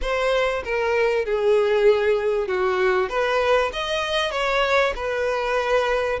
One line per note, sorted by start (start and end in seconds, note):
0.01 0.63 C5
0.64 1.25 A#4
1.25 2.47 G#4
2.47 3.09 F#4
3.09 3.71 B4
3.73 4.31 D#5
4.31 4.93 C#5
4.95 6.19 B4